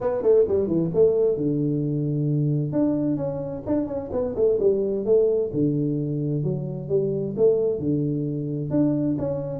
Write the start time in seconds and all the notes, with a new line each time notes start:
0.01 B3
0.22 A3
0.47 G3
0.67 E3
0.94 A3
1.37 D3
2.72 D4
3.16 C#4
3.66 D4
3.87 C#4
4.12 B3
4.35 A3
4.59 G3
5.05 A3
5.53 D3
6.43 F#3
6.88 G3
7.36 A3
7.79 D3
8.70 D4
9.18 C#4